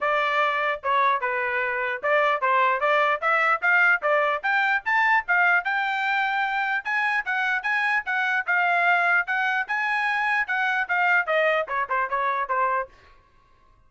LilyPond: \new Staff \with { instrumentName = "trumpet" } { \time 4/4 \tempo 4 = 149 d''2 cis''4 b'4~ | b'4 d''4 c''4 d''4 | e''4 f''4 d''4 g''4 | a''4 f''4 g''2~ |
g''4 gis''4 fis''4 gis''4 | fis''4 f''2 fis''4 | gis''2 fis''4 f''4 | dis''4 cis''8 c''8 cis''4 c''4 | }